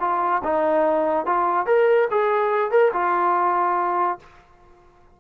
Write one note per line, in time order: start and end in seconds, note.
0.00 0.42 F4
0.44 1.26 D#4
1.26 1.66 F4
1.66 2.08 A#4
2.11 2.71 G#4
2.71 2.92 A#4
2.93 4.19 F4